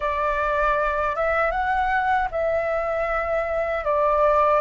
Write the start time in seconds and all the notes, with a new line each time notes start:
0.00 D5
1.15 E5
1.51 F#5
2.31 E5
3.84 D5